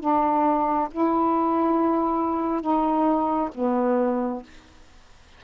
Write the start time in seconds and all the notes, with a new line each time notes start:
0.00 D4
0.91 E4
2.61 D#4
3.55 B3